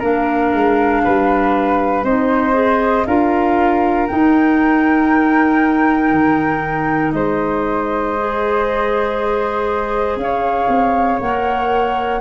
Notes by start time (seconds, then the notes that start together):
0.00 A#3 D4 A#4 F5
0.54 G#3
1.04 G3 B4
2.04 C4 D#4 C5 D#5
2.53 G#4
3.07 D4 F4 A#4 F5
4.07 D#4 G5
6.12 D#3
7.12 G#3 C5 D#5
8.18 G#4
10.16 C#4 F5
10.23 C#5
10.68 C4
11.20 A#3 A#4 F#5